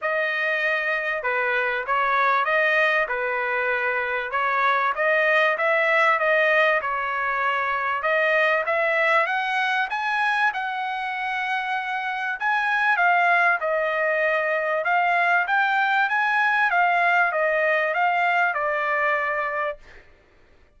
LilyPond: \new Staff \with { instrumentName = "trumpet" } { \time 4/4 \tempo 4 = 97 dis''2 b'4 cis''4 | dis''4 b'2 cis''4 | dis''4 e''4 dis''4 cis''4~ | cis''4 dis''4 e''4 fis''4 |
gis''4 fis''2. | gis''4 f''4 dis''2 | f''4 g''4 gis''4 f''4 | dis''4 f''4 d''2 | }